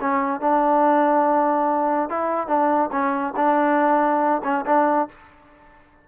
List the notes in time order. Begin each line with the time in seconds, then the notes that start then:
0.00 C#4
0.40 D4
2.09 E4
2.47 D4
2.91 C#4
3.36 D4
4.43 C#4
4.66 D4